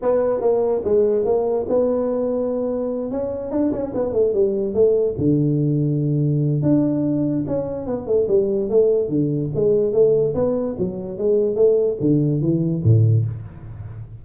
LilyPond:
\new Staff \with { instrumentName = "tuba" } { \time 4/4 \tempo 4 = 145 b4 ais4 gis4 ais4 | b2.~ b8 cis'8~ | cis'8 d'8 cis'8 b8 a8 g4 a8~ | a8 d2.~ d8 |
d'2 cis'4 b8 a8 | g4 a4 d4 gis4 | a4 b4 fis4 gis4 | a4 d4 e4 a,4 | }